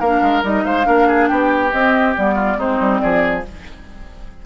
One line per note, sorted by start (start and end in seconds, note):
0.00 0.22 A#3
0.00 0.44 D4
0.00 0.64 A#4
0.00 0.43 F5
0.22 0.43 G#3
0.44 0.65 G3
0.44 0.84 D#4
0.44 0.65 D#5
0.65 0.86 G#3
0.65 0.87 C5
0.65 1.28 F5
0.84 1.31 A#3
0.84 1.69 D4
0.84 1.08 A#4
1.08 1.29 G#4
1.28 1.73 B3
1.28 2.35 G4
1.28 1.71 G5
1.72 2.16 C4
1.72 2.15 C4
1.72 2.15 D#5
2.15 2.57 G3
2.15 2.57 B3
2.15 2.60 D5
2.35 2.57 F4
2.57 2.79 G#3
2.57 3.43 C4
2.57 3.02 D#4
2.57 3.00 C5
2.80 3.02 G3
3.00 3.46 F3
3.00 3.46 G#4
3.00 3.43 D5